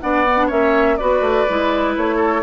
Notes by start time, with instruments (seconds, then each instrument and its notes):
0.00 bassoon B3, clarinet D4, oboe D5, flute F#5
0.26 clarinet B3
0.37 clarinet D4
0.47 bassoon A#3, clarinet C#4, oboe C#5, flute E5
0.96 bassoon B3, clarinet F#4, oboe B4, flute D5
1.20 bassoon A3
1.48 bassoon G#3, clarinet E4
1.97 bassoon A3, flute C#5
2.16 oboe A4